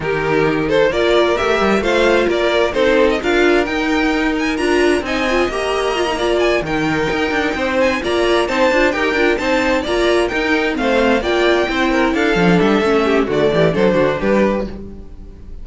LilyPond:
<<
  \new Staff \with { instrumentName = "violin" } { \time 4/4 \tempo 4 = 131 ais'4. c''8 d''4 e''4 | f''4 d''4 c''8. dis''16 f''4 | g''4. gis''8 ais''4 gis''4 | ais''2 gis''8 g''4.~ |
g''4 gis''8 ais''4 a''4 g''8~ | g''8 a''4 ais''4 g''4 f''8~ | f''8 g''2 f''4 e''8~ | e''4 d''4 c''4 b'4 | }
  \new Staff \with { instrumentName = "violin" } { \time 4/4 g'4. a'8 ais'2 | c''4 ais'4 a'4 ais'4~ | ais'2. dis''4~ | dis''4. d''4 ais'4.~ |
ais'8 c''4 d''4 c''4 ais'8~ | ais'8 c''4 d''4 ais'4 c''8~ | c''8 d''4 c''8 ais'8 a'4.~ | a'8 g'8 fis'8 g'8 a'8 fis'8 g'4 | }
  \new Staff \with { instrumentName = "viola" } { \time 4/4 dis'2 f'4 g'4 | f'2 dis'4 f'4 | dis'2 f'4 dis'8 f'8 | g'4 f'16 dis'16 f'4 dis'4.~ |
dis'4. f'4 dis'8 f'8 g'8 | f'8 dis'4 f'4 dis'4 c'8~ | c'8 f'4 e'4. d'4 | cis'4 a4 d'2 | }
  \new Staff \with { instrumentName = "cello" } { \time 4/4 dis2 ais4 a8 g8 | a4 ais4 c'4 d'4 | dis'2 d'4 c'4 | ais2~ ais8 dis4 dis'8 |
d'8 c'4 ais4 c'8 d'8 dis'8 | d'8 c'4 ais4 dis'4 a8~ | a8 ais4 c'4 d'8 f8 g8 | a4 d8 e8 fis8 d8 g4 | }
>>